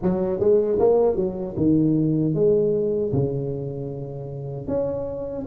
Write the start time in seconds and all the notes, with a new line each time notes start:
0.02 F#3
0.39 G#3
0.79 A#3
1.16 F#3
1.57 D#3
2.34 G#3
3.12 C#3
4.68 C#4